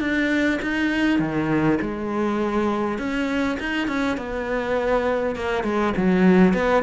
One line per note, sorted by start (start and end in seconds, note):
0.00 0.59 D4
0.62 1.19 D#4
1.19 1.79 D#3
1.81 2.99 G#3
2.99 3.58 C#4
3.59 3.87 D#4
3.87 4.17 C#4
4.17 5.36 B3
5.36 5.64 A#3
5.64 5.94 G#3
5.97 6.53 F#3
6.53 6.83 B3